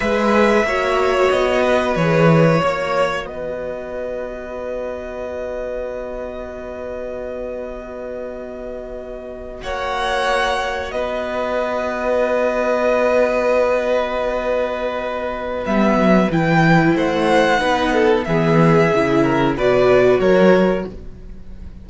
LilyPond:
<<
  \new Staff \with { instrumentName = "violin" } { \time 4/4 \tempo 4 = 92 e''2 dis''4 cis''4~ | cis''4 dis''2.~ | dis''1~ | dis''2~ dis''8. fis''4~ fis''16~ |
fis''8. dis''2.~ dis''16~ | dis''1 | e''4 g''4 fis''2 | e''2 d''4 cis''4 | }
  \new Staff \with { instrumentName = "violin" } { \time 4/4 b'4 cis''4. b'4. | cis''4 b'2.~ | b'1~ | b'2~ b'8. cis''4~ cis''16~ |
cis''8. b'2.~ b'16~ | b'1~ | b'2 c''4 b'8 a'8 | gis'4. ais'8 b'4 ais'4 | }
  \new Staff \with { instrumentName = "viola" } { \time 4/4 gis'4 fis'2 gis'4 | fis'1~ | fis'1~ | fis'1~ |
fis'1~ | fis'1 | b4 e'2 dis'4 | b4 e'4 fis'2 | }
  \new Staff \with { instrumentName = "cello" } { \time 4/4 gis4 ais4 b4 e4 | ais4 b2.~ | b1~ | b2~ b8. ais4~ ais16~ |
ais8. b2.~ b16~ | b1 | g8 fis8 e4 a4 b4 | e4 cis4 b,4 fis4 | }
>>